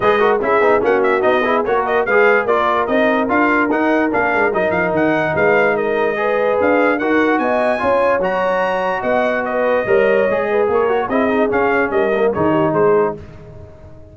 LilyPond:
<<
  \new Staff \with { instrumentName = "trumpet" } { \time 4/4 \tempo 4 = 146 dis''4 e''4 fis''8 e''8 dis''4 | cis''8 dis''8 f''4 d''4 dis''4 | f''4 fis''4 f''4 dis''8 f''8 | fis''4 f''4 dis''2 |
f''4 fis''4 gis''2 | ais''2 fis''4 dis''4~ | dis''2 cis''4 dis''4 | f''4 dis''4 cis''4 c''4 | }
  \new Staff \with { instrumentName = "horn" } { \time 4/4 b'8 ais'8 gis'4 fis'4. gis'8 | ais'4 b'4 ais'2~ | ais'1~ | ais'4 b'4 ais'4 b'4~ |
b'4 ais'4 dis''4 cis''4~ | cis''2 dis''4 b'4 | cis''4. b'8 ais'4 gis'4~ | gis'4 ais'4 gis'8 g'8 gis'4 | }
  \new Staff \with { instrumentName = "trombone" } { \time 4/4 gis'8 fis'8 e'8 dis'8 cis'4 dis'8 e'8 | fis'4 gis'4 f'4 dis'4 | f'4 dis'4 d'4 dis'4~ | dis'2. gis'4~ |
gis'4 fis'2 f'4 | fis'1 | ais'4 gis'4. fis'8 e'8 dis'8 | cis'4. ais8 dis'2 | }
  \new Staff \with { instrumentName = "tuba" } { \time 4/4 gis4 cis'8 b8 ais4 b4 | ais4 gis4 ais4 c'4 | d'4 dis'4 ais8 gis8 fis8 f8 | dis4 gis2. |
d'4 dis'4 b4 cis'4 | fis2 b2 | g4 gis4 ais4 c'4 | cis'4 g4 dis4 gis4 | }
>>